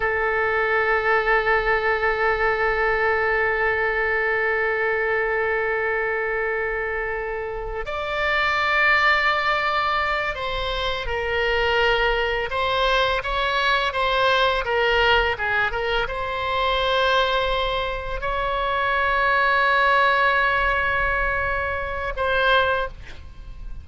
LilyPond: \new Staff \with { instrumentName = "oboe" } { \time 4/4 \tempo 4 = 84 a'1~ | a'1~ | a'2. d''4~ | d''2~ d''8 c''4 ais'8~ |
ais'4. c''4 cis''4 c''8~ | c''8 ais'4 gis'8 ais'8 c''4.~ | c''4. cis''2~ cis''8~ | cis''2. c''4 | }